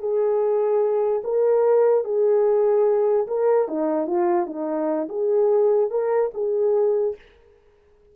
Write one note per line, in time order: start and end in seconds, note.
0.00 1.22 G#4
1.24 2.05 A#4
2.05 3.27 G#4
3.28 3.68 A#4
3.68 4.07 D#4
4.07 4.47 F4
4.47 5.08 D#4
5.09 5.91 G#4
5.91 6.32 A#4
6.34 7.16 G#4